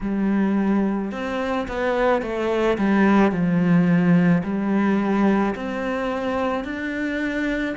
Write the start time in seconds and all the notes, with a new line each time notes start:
0.01 G3
1.11 C4
1.68 B3
2.22 A3
2.78 G3
3.31 F3
4.43 G3
5.55 C4
6.64 D4